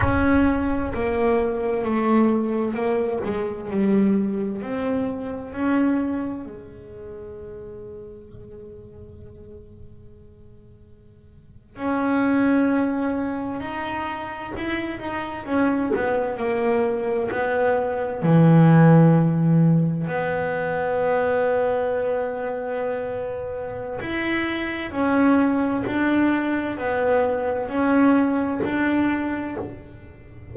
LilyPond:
\new Staff \with { instrumentName = "double bass" } { \time 4/4 \tempo 4 = 65 cis'4 ais4 a4 ais8 gis8 | g4 c'4 cis'4 gis4~ | gis1~ | gis8. cis'2 dis'4 e'16~ |
e'16 dis'8 cis'8 b8 ais4 b4 e16~ | e4.~ e16 b2~ b16~ | b2 e'4 cis'4 | d'4 b4 cis'4 d'4 | }